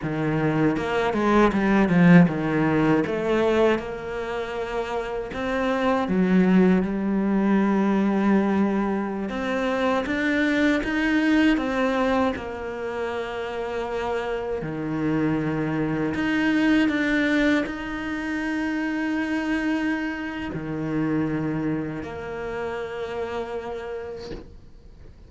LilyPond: \new Staff \with { instrumentName = "cello" } { \time 4/4 \tempo 4 = 79 dis4 ais8 gis8 g8 f8 dis4 | a4 ais2 c'4 | fis4 g2.~ | g16 c'4 d'4 dis'4 c'8.~ |
c'16 ais2. dis8.~ | dis4~ dis16 dis'4 d'4 dis'8.~ | dis'2. dis4~ | dis4 ais2. | }